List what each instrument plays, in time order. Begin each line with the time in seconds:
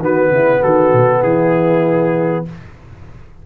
0.00 tuba D#3, trombone B3, horn F#4, trumpet B4
0.29 tuba C#3, horn E4
0.61 tuba D#3, horn F#4, trumpet A4
0.92 tuba B2
1.20 tuba E3, horn E4, trumpet G#4